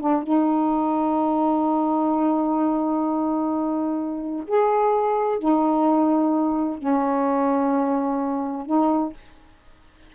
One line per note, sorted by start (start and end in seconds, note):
0.00 0.23 D4
0.23 4.45 D#4
4.47 5.39 G#4
5.39 6.78 D#4
6.78 8.66 C#4
8.66 9.13 D#4